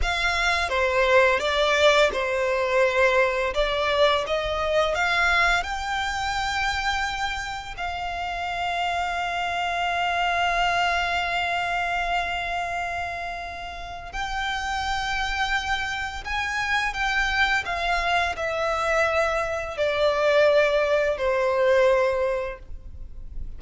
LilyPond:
\new Staff \with { instrumentName = "violin" } { \time 4/4 \tempo 4 = 85 f''4 c''4 d''4 c''4~ | c''4 d''4 dis''4 f''4 | g''2. f''4~ | f''1~ |
f''1 | g''2. gis''4 | g''4 f''4 e''2 | d''2 c''2 | }